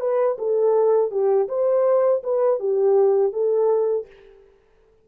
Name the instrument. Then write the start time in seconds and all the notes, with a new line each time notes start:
horn
0.00 B4
0.38 A4
1.11 G4
1.48 C5
2.23 B4
2.60 G4
3.33 A4